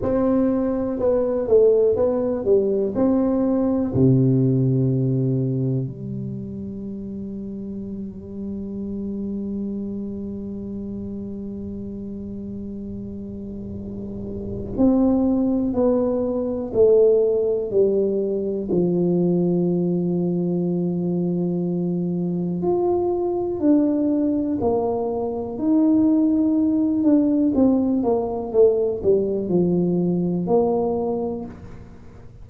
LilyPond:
\new Staff \with { instrumentName = "tuba" } { \time 4/4 \tempo 4 = 61 c'4 b8 a8 b8 g8 c'4 | c2 g2~ | g1~ | g2. c'4 |
b4 a4 g4 f4~ | f2. f'4 | d'4 ais4 dis'4. d'8 | c'8 ais8 a8 g8 f4 ais4 | }